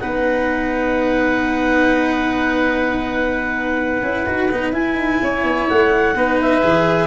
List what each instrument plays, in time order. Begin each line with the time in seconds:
0.00 tuba B3, cello D#4, oboe B4, clarinet F#5
4.03 tuba C#4, cello E4
4.26 tuba D#4, cello F#4
4.51 tuba B3, cello D#4
4.72 tuba E4, cello E4, clarinet G#5
4.95 tuba D#4
5.22 tuba C#4, oboe C#5
5.44 tuba B3
5.69 tuba A3, clarinet F#5
6.15 tuba B3, cello D#4, oboe B4
6.41 clarinet E5
6.62 tuba E3, cello G#4